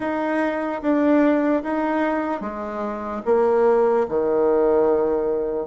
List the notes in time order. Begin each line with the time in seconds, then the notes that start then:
0.00 D#4
0.81 D4
1.63 D#4
2.41 G#3
3.25 A#3
4.08 D#3